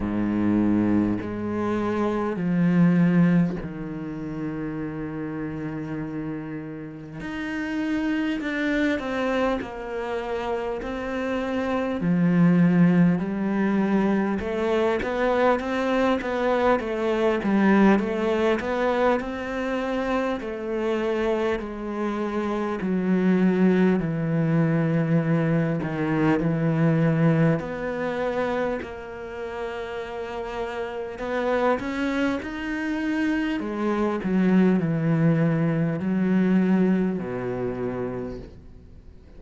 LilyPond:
\new Staff \with { instrumentName = "cello" } { \time 4/4 \tempo 4 = 50 gis,4 gis4 f4 dis4~ | dis2 dis'4 d'8 c'8 | ais4 c'4 f4 g4 | a8 b8 c'8 b8 a8 g8 a8 b8 |
c'4 a4 gis4 fis4 | e4. dis8 e4 b4 | ais2 b8 cis'8 dis'4 | gis8 fis8 e4 fis4 b,4 | }